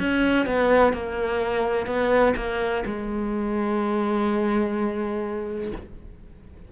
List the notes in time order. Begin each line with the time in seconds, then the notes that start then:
0.00 C#4
0.46 B3
0.93 A#3
1.87 B3
2.37 A#3
2.86 G#3